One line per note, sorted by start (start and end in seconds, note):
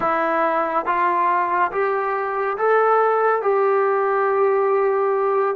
0.00 0.85 E4
0.85 1.71 F4
1.71 2.57 G4
2.57 3.42 A4
3.42 5.55 G4